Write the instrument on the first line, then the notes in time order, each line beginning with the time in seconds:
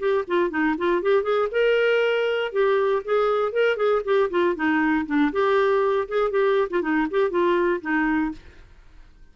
clarinet
0.00 G4
0.28 F4
0.50 D#4
0.78 F4
1.03 G4
1.24 G#4
1.52 A#4
2.53 G4
3.05 G#4
3.53 A#4
3.77 G#4
4.05 G4
4.31 F4
4.56 D#4
5.07 D4
5.33 G4
6.09 G#4
6.31 G4
6.71 F4
6.82 D#4
7.11 G4
7.31 F4
7.82 D#4